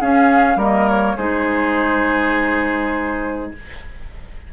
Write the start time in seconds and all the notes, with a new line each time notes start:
0.00 C#4 G#4 F5
0.56 G3 A#3 A#4 D#5
0.89 C#5
1.17 G#3 D#4 G#4 C5